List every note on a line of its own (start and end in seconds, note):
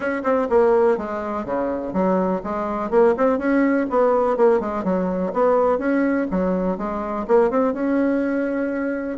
0.00 0.22 C#4
0.23 0.48 C4
0.49 0.97 A#3
0.97 1.45 G#3
1.45 1.93 C#3
1.93 2.41 F#3
2.43 2.90 G#3
2.90 3.14 A#3
3.17 3.38 C4
3.38 3.86 C#4
3.90 4.36 B3
4.36 4.59 A#3
4.59 4.83 G#3
4.83 5.32 F#3
5.33 5.78 B3
5.78 6.27 C#4
6.30 6.77 F#3
6.77 7.25 G#3
7.27 7.50 A#3
7.50 7.73 C4
7.73 9.18 C#4